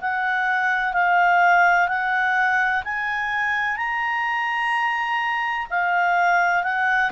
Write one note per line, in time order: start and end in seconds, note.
0.00 0.93 F#5
0.93 1.88 F5
1.88 2.83 F#5
2.84 3.77 G#5
3.77 5.67 A#5
5.70 6.63 F5
6.63 7.10 F#5